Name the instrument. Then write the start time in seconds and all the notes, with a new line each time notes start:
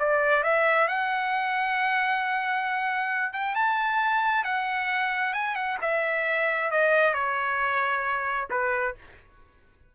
trumpet
0.00 D5
0.44 E5
0.88 F#5
3.34 G5
3.56 A5
4.45 F#5
5.34 G#5
5.56 F#5
5.82 E5
6.72 D#5
7.14 C#5
8.51 B4